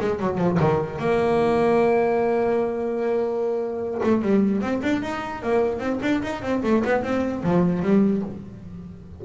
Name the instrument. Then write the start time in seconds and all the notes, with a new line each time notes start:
double bass
0.00 G#3
0.19 F#3
0.38 F3
0.59 D#3
0.99 A#3
4.03 A3
4.21 G3
4.61 C4
4.82 D4
5.02 D#4
5.42 A#3
5.79 C4
6.02 D4
6.22 D#4
6.42 C4
6.63 A3
6.84 B3
7.02 C4
7.43 F3
7.82 G3